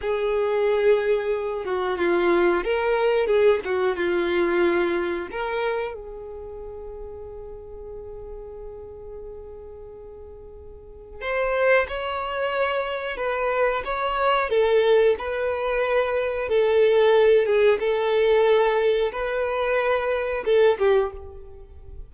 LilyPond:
\new Staff \with { instrumentName = "violin" } { \time 4/4 \tempo 4 = 91 gis'2~ gis'8 fis'8 f'4 | ais'4 gis'8 fis'8 f'2 | ais'4 gis'2.~ | gis'1~ |
gis'4 c''4 cis''2 | b'4 cis''4 a'4 b'4~ | b'4 a'4. gis'8 a'4~ | a'4 b'2 a'8 g'8 | }